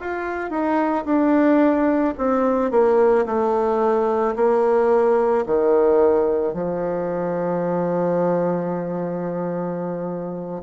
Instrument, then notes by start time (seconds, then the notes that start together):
bassoon
0.00 F4
0.50 D#4
1.05 D4
2.18 C4
2.71 A#3
3.26 A3
4.35 A#3
5.46 D#3
6.54 F3